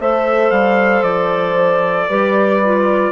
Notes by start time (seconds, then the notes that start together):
0.00 A3 A4 C5 E5
0.51 G3 F5
1.03 F3 D5
2.09 G3 G4 B4
2.65 F4